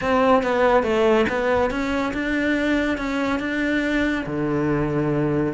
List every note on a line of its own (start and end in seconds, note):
0.01 0.43 C4
0.43 0.83 B3
0.83 1.25 A3
1.29 1.70 B3
1.70 2.13 C#4
2.13 2.97 D4
2.97 3.39 C#4
3.39 4.24 D4
4.26 5.53 D3